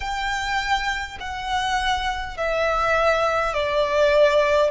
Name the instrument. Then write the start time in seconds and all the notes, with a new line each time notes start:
violin
0.00 G5
1.20 F#5
2.37 E5
3.53 D5